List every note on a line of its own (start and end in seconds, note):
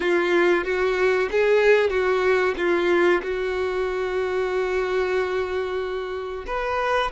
0.00 0.64 F4
0.64 1.29 F#4
1.31 1.89 G#4
1.89 2.54 F#4
2.57 3.21 F4
3.22 6.45 F#4
6.46 7.11 B4